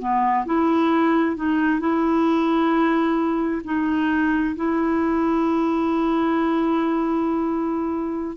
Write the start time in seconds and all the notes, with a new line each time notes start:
0.00 B3
0.45 E4
1.36 D#4
1.80 E4
3.64 D#4
4.56 E4